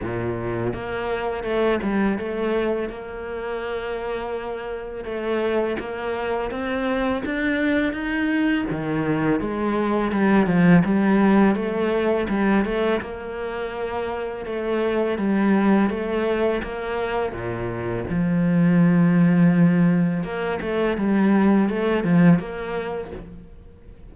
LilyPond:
\new Staff \with { instrumentName = "cello" } { \time 4/4 \tempo 4 = 83 ais,4 ais4 a8 g8 a4 | ais2. a4 | ais4 c'4 d'4 dis'4 | dis4 gis4 g8 f8 g4 |
a4 g8 a8 ais2 | a4 g4 a4 ais4 | ais,4 f2. | ais8 a8 g4 a8 f8 ais4 | }